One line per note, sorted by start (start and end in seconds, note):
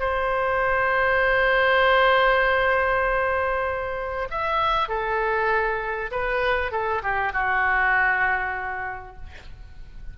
0.00 4.29 C5
4.31 4.89 E5
4.89 6.11 A4
6.11 6.72 B4
6.72 7.02 A4
7.03 7.33 G4
7.33 9.17 F#4